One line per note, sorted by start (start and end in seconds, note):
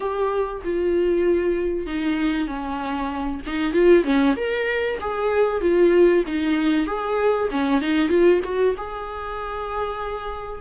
0.00 0.62 G4
0.64 1.86 F4
1.86 2.47 D#4
2.47 3.40 C#4
3.46 3.73 D#4
3.73 4.04 F4
4.04 4.35 C#4
4.36 4.99 A#4
5.00 5.61 G#4
5.61 6.23 F4
6.27 6.86 D#4
6.86 7.49 G#4
7.51 7.81 C#4
7.81 8.09 D#4
8.09 8.40 F4
8.44 8.75 F#4
8.77 10.61 G#4